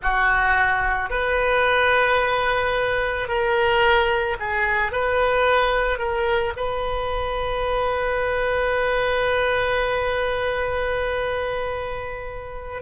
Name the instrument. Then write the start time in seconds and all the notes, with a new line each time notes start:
oboe
0.02 F#4
1.10 B4
3.27 A#4
4.39 G#4
4.91 B4
5.98 A#4
6.56 B4